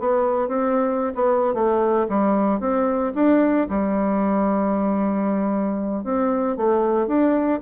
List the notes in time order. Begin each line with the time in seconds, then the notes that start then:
0.00 B3
0.48 C4
1.15 B3
1.55 A3
2.09 G3
2.61 C4
3.15 D4
3.70 G3
6.05 C4
6.57 A3
7.07 D4